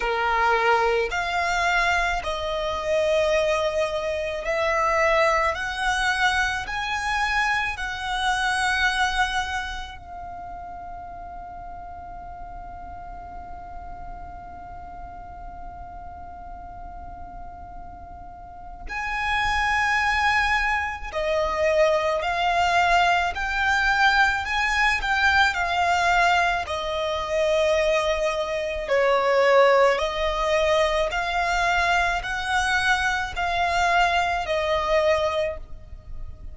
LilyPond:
\new Staff \with { instrumentName = "violin" } { \time 4/4 \tempo 4 = 54 ais'4 f''4 dis''2 | e''4 fis''4 gis''4 fis''4~ | fis''4 f''2.~ | f''1~ |
f''4 gis''2 dis''4 | f''4 g''4 gis''8 g''8 f''4 | dis''2 cis''4 dis''4 | f''4 fis''4 f''4 dis''4 | }